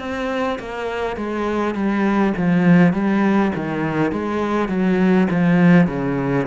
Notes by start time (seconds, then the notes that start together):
0.00 C4
0.59 A#3
1.17 G#3
1.75 G3
2.37 F3
2.93 G3
3.56 D#3
4.12 G#3
4.68 F#3
5.31 F3
5.88 C#3